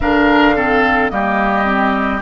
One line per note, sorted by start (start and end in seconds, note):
0.00 1.11 D3
0.00 0.56 D4
0.00 0.55 A#4
0.00 1.09 F5
0.55 1.10 C4
0.55 1.11 A4
1.09 2.22 G3
1.09 1.64 A#3
1.09 2.22 G4
1.09 2.20 D#5
1.64 2.20 C4